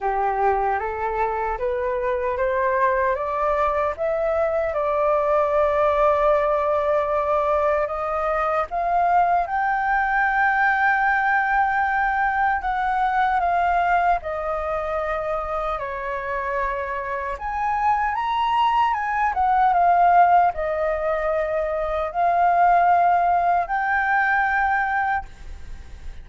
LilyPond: \new Staff \with { instrumentName = "flute" } { \time 4/4 \tempo 4 = 76 g'4 a'4 b'4 c''4 | d''4 e''4 d''2~ | d''2 dis''4 f''4 | g''1 |
fis''4 f''4 dis''2 | cis''2 gis''4 ais''4 | gis''8 fis''8 f''4 dis''2 | f''2 g''2 | }